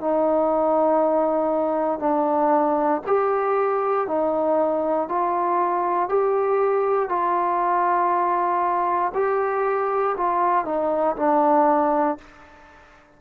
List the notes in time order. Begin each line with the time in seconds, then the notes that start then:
0.00 D#4
1.99 D4
3.06 G4
4.07 D#4
5.08 F4
6.09 G4
7.09 F4
9.14 G4
10.16 F4
10.65 D#4
11.16 D4